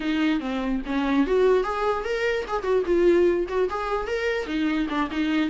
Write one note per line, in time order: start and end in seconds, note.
0.00 0.40 D#4
0.40 0.81 C4
0.86 1.26 C#4
1.27 1.63 F#4
1.63 2.04 G#4
2.04 2.45 A#4
2.47 2.62 G#4
2.62 2.83 F#4
2.85 3.47 F4
3.48 3.68 F#4
3.69 4.07 G#4
4.07 4.46 A#4
4.46 4.87 D#4
4.89 5.09 D4
5.10 5.50 D#4